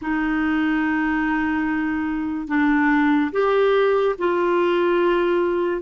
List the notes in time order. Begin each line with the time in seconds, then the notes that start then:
0.02 D#4
2.47 D4
3.32 G4
4.18 F4